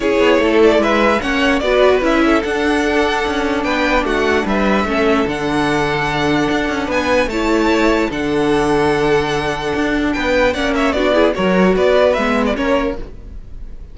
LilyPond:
<<
  \new Staff \with { instrumentName = "violin" } { \time 4/4 \tempo 4 = 148 cis''4. d''8 e''4 fis''4 | d''4 e''4 fis''2~ | fis''4 g''4 fis''4 e''4~ | e''4 fis''2.~ |
fis''4 gis''4 a''2 | fis''1~ | fis''4 g''4 fis''8 e''8 d''4 | cis''4 d''4 e''8. d''16 cis''4 | }
  \new Staff \with { instrumentName = "violin" } { \time 4/4 gis'4 a'4 b'4 cis''4 | b'4. a'2~ a'8~ | a'4 b'4 fis'4 b'4 | a'1~ |
a'4 b'4 cis''2 | a'1~ | a'4 b'4 d''8 cis''8 fis'8 gis'8 | ais'4 b'2 ais'4 | }
  \new Staff \with { instrumentName = "viola" } { \time 4/4 e'2. cis'4 | fis'4 e'4 d'2~ | d'1 | cis'4 d'2.~ |
d'2 e'2 | d'1~ | d'2 cis'4 d'8 e'8 | fis'2 b4 cis'4 | }
  \new Staff \with { instrumentName = "cello" } { \time 4/4 cis'8 b8 a4 gis4 ais4 | b4 cis'4 d'2 | cis'4 b4 a4 g4 | a4 d2. |
d'8 cis'8 b4 a2 | d1 | d'4 b4 ais4 b4 | fis4 b4 gis4 ais4 | }
>>